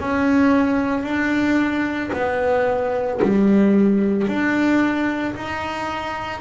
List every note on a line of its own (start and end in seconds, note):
0.00 1.03 C#4
1.03 2.10 D4
2.13 3.20 B3
3.22 4.28 G3
4.28 5.35 D4
5.35 6.41 D#4